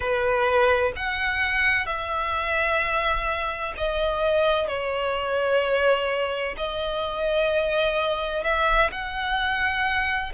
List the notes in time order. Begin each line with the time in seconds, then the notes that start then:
0.00 B4
0.96 F#5
1.85 E5
3.77 D#5
4.67 C#5
6.57 D#5
8.43 E5
8.91 F#5